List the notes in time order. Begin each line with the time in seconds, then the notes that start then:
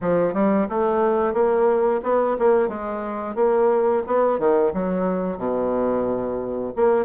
0.01 F3
0.33 G3
0.69 A3
1.33 A#3
2.03 B3
2.38 A#3
2.68 G#3
3.35 A#3
4.06 B3
4.38 D#3
4.73 F#3
5.37 B2
6.75 A#3